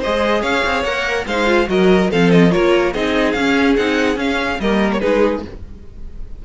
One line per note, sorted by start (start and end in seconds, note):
0.00 0.86 G#4
0.00 0.41 C5
0.00 0.43 D#5
0.06 0.42 G#3
0.41 0.63 C#4
0.41 1.25 C#5
0.41 0.84 F5
0.65 0.84 C4
0.84 1.25 A#3
0.84 1.28 A#4
0.84 1.25 F#5
1.26 1.68 G#3
1.26 1.46 D#4
1.26 1.68 C5
1.26 1.69 F5
1.46 1.66 F4
1.66 2.10 F#3
1.66 2.08 F#4
1.66 2.11 A#4
1.66 2.11 D#5
2.11 2.55 F3
2.11 2.50 C4
2.11 2.52 A4
2.11 2.31 F5
2.31 2.51 D#5
2.50 2.95 A#3
2.50 2.92 F4
2.50 2.94 A#4
2.50 2.93 C#5
2.94 3.35 C4
2.94 3.36 D#4
2.94 4.60 G#4
2.94 3.32 D#5
3.32 3.76 C#4
3.32 3.77 C#4
3.32 3.74 F5
3.76 4.17 C4
3.76 4.16 D#4
3.76 4.18 F#5
4.16 4.57 C#4
4.16 4.59 C#4
4.16 4.60 F5
4.60 5.01 G3
4.60 5.01 A#3
4.60 5.01 A#4
4.60 4.92 D#5
4.93 5.00 C#5
5.00 5.45 G#3
5.00 5.43 D#4
5.00 5.43 G#4
5.00 5.41 B4